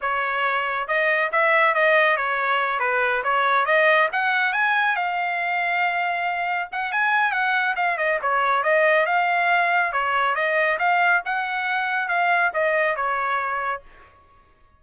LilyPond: \new Staff \with { instrumentName = "trumpet" } { \time 4/4 \tempo 4 = 139 cis''2 dis''4 e''4 | dis''4 cis''4. b'4 cis''8~ | cis''8 dis''4 fis''4 gis''4 f''8~ | f''2.~ f''8 fis''8 |
gis''4 fis''4 f''8 dis''8 cis''4 | dis''4 f''2 cis''4 | dis''4 f''4 fis''2 | f''4 dis''4 cis''2 | }